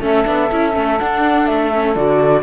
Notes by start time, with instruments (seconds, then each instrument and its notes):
0.00 cello A3, viola C#4, saxophone A4, flute E5
0.24 cello B3, viola D4
0.51 cello C#4, viola E4
0.73 cello A3, viola C#4
0.99 viola D4, cello D4, flute F#5
1.46 cello A3, flute E5
1.73 viola C#4
1.95 cello D3, viola F#4, flute D5